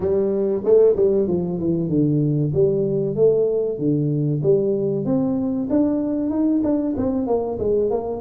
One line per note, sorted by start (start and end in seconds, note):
0.00 0.62 G3
0.64 0.95 A3
0.96 1.27 G3
1.27 1.59 F3
1.59 1.89 E3
1.89 2.52 D3
2.53 3.16 G3
3.16 3.78 A3
3.78 4.41 D3
4.42 5.05 G3
5.05 5.68 C4
5.70 6.30 D4
6.30 6.61 D#4
6.63 6.95 D4
6.96 7.26 C4
7.26 7.58 A#3
7.58 7.90 G#3
7.90 8.20 A#3